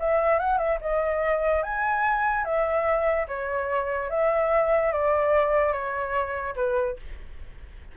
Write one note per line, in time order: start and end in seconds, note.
0.00 0.39 E5
0.39 0.58 F#5
0.58 0.79 E5
0.81 1.63 D#5
1.63 2.45 G#5
2.45 3.27 E5
3.28 4.10 C#5
4.10 4.92 E5
4.93 5.73 D5
5.73 6.55 C#5
6.56 6.97 B4